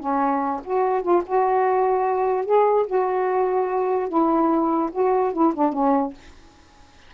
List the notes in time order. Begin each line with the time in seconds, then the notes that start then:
0.00 C#4
0.65 F#4
1.03 F4
1.27 F#4
2.46 G#4
2.87 F#4
4.09 E4
4.93 F#4
5.33 E4
5.55 D4
5.73 C#4